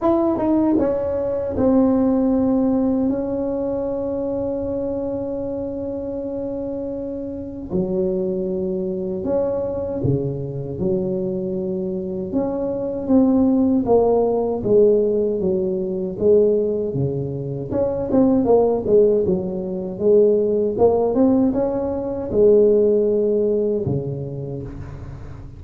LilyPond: \new Staff \with { instrumentName = "tuba" } { \time 4/4 \tempo 4 = 78 e'8 dis'8 cis'4 c'2 | cis'1~ | cis'2 fis2 | cis'4 cis4 fis2 |
cis'4 c'4 ais4 gis4 | fis4 gis4 cis4 cis'8 c'8 | ais8 gis8 fis4 gis4 ais8 c'8 | cis'4 gis2 cis4 | }